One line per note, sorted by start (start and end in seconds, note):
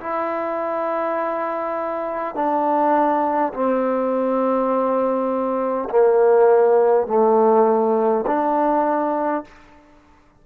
0.00 2.35 E4
2.35 3.53 D4
3.53 5.89 C4
5.90 7.07 A#3
7.07 8.25 A3
8.27 9.44 D4